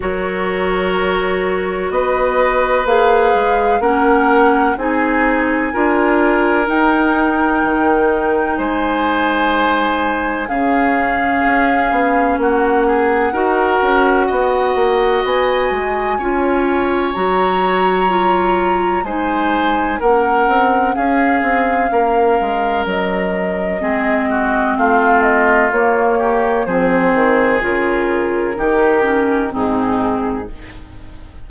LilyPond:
<<
  \new Staff \with { instrumentName = "flute" } { \time 4/4 \tempo 4 = 63 cis''2 dis''4 f''4 | fis''4 gis''2 g''4~ | g''4 gis''2 f''4~ | f''4 fis''2. |
gis''2 ais''2 | gis''4 fis''4 f''2 | dis''2 f''8 dis''8 cis''4 | c''4 ais'2 gis'4 | }
  \new Staff \with { instrumentName = "oboe" } { \time 4/4 ais'2 b'2 | ais'4 gis'4 ais'2~ | ais'4 c''2 gis'4~ | gis'4 fis'8 gis'8 ais'4 dis''4~ |
dis''4 cis''2. | c''4 ais'4 gis'4 ais'4~ | ais'4 gis'8 fis'8 f'4. g'8 | gis'2 g'4 dis'4 | }
  \new Staff \with { instrumentName = "clarinet" } { \time 4/4 fis'2. gis'4 | cis'4 dis'4 f'4 dis'4~ | dis'2. cis'4~ | cis'2 fis'2~ |
fis'4 f'4 fis'4 f'4 | dis'4 cis'2.~ | cis'4 c'2 ais4 | c'4 f'4 dis'8 cis'8 c'4 | }
  \new Staff \with { instrumentName = "bassoon" } { \time 4/4 fis2 b4 ais8 gis8 | ais4 c'4 d'4 dis'4 | dis4 gis2 cis4 | cis'8 b8 ais4 dis'8 cis'8 b8 ais8 |
b8 gis8 cis'4 fis2 | gis4 ais8 c'8 cis'8 c'8 ais8 gis8 | fis4 gis4 a4 ais4 | f8 dis8 cis4 dis4 gis,4 | }
>>